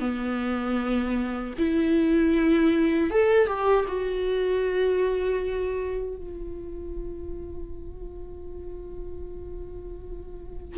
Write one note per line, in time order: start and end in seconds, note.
0.00 1.54 B3
1.58 3.10 E4
3.10 3.47 A4
3.47 3.85 G4
3.88 6.16 F#4
6.16 10.78 F4